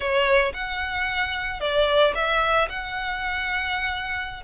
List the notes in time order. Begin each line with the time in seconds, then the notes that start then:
0.00 C#5
0.53 F#5
1.60 D5
2.14 E5
2.69 F#5